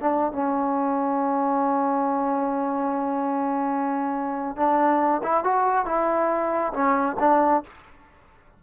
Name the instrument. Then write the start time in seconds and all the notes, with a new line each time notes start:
trombone
0.00 D4
0.32 C#4
4.56 D4
5.23 E4
5.44 F#4
5.85 E4
6.73 C#4
7.19 D4